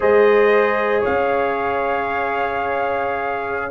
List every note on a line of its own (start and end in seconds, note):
0.00 1.04 G#3
0.00 3.70 G#4
0.00 1.00 C5
0.00 1.04 D#5
1.00 3.70 C#4
1.00 3.70 C#5
1.00 3.70 F5